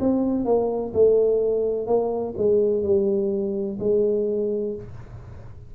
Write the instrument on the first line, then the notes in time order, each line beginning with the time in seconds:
tuba
0.00 C4
0.45 A#3
0.94 A3
1.87 A#3
2.38 G#3
2.84 G3
3.80 G#3